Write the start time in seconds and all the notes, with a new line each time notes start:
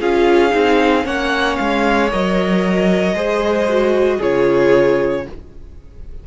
0.00 C#4 F4 G#4 F5
0.50 C4 D#4
1.04 A#3 C#4 C#5 F#5
1.57 G#3 F5
2.11 F#3 A#4 D#5
3.14 G#3 G#4 C5
3.69 F#4
4.17 C#3 F4 G#4 C#5